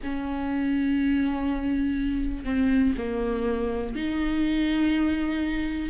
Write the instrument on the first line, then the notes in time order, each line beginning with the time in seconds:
viola
0.03 C#4
2.44 C4
2.97 A#3
3.95 D#4